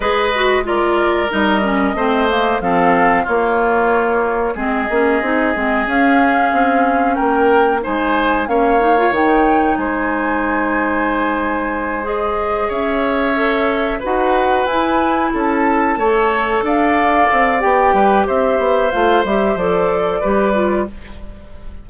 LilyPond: <<
  \new Staff \with { instrumentName = "flute" } { \time 4/4 \tempo 4 = 92 dis''4 d''4 dis''2 | f''4 cis''2 dis''4~ | dis''4 f''2 g''4 | gis''4 f''4 g''4 gis''4~ |
gis''2~ gis''8 dis''4 e''8~ | e''4. fis''4 gis''4 a''8~ | a''4. f''4. g''4 | e''4 f''8 e''8 d''2 | }
  \new Staff \with { instrumentName = "oboe" } { \time 4/4 b'4 ais'2 c''4 | a'4 f'2 gis'4~ | gis'2. ais'4 | c''4 cis''2 c''4~ |
c''2.~ c''8 cis''8~ | cis''4. b'2 a'8~ | a'8 cis''4 d''2 b'8 | c''2. b'4 | }
  \new Staff \with { instrumentName = "clarinet" } { \time 4/4 gis'8 fis'8 f'4 dis'8 cis'8 c'8 ais8 | c'4 ais2 c'8 cis'8 | dis'8 c'8 cis'2. | dis'4 cis'8 dis'16 f'16 dis'2~ |
dis'2~ dis'8 gis'4.~ | gis'8 a'4 fis'4 e'4.~ | e'8 a'2~ a'8 g'4~ | g'4 f'8 g'8 a'4 g'8 f'8 | }
  \new Staff \with { instrumentName = "bassoon" } { \time 4/4 gis2 g4 a4 | f4 ais2 gis8 ais8 | c'8 gis8 cis'4 c'4 ais4 | gis4 ais4 dis4 gis4~ |
gis2.~ gis8 cis'8~ | cis'4. dis'4 e'4 cis'8~ | cis'8 a4 d'4 c'8 b8 g8 | c'8 b8 a8 g8 f4 g4 | }
>>